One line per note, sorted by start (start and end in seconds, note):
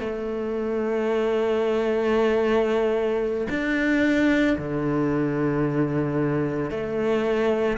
0.00 3.48 A3
3.50 4.57 D4
4.58 6.71 D3
6.71 7.78 A3